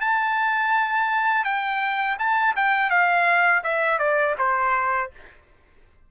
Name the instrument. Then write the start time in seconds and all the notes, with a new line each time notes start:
trumpet
0.00 A5
1.44 G5
2.18 A5
2.56 G5
2.90 F5
3.63 E5
3.99 D5
4.38 C5